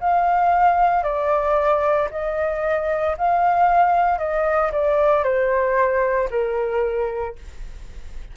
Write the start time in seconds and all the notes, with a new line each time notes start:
0.00 F5
1.03 D5
2.11 D#5
3.18 F5
4.18 D#5
4.72 D5
5.23 C5
6.31 A#4